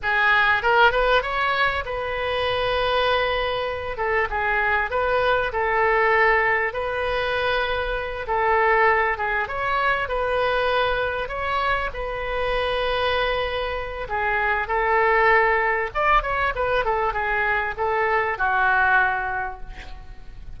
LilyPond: \new Staff \with { instrumentName = "oboe" } { \time 4/4 \tempo 4 = 98 gis'4 ais'8 b'8 cis''4 b'4~ | b'2~ b'8 a'8 gis'4 | b'4 a'2 b'4~ | b'4. a'4. gis'8 cis''8~ |
cis''8 b'2 cis''4 b'8~ | b'2. gis'4 | a'2 d''8 cis''8 b'8 a'8 | gis'4 a'4 fis'2 | }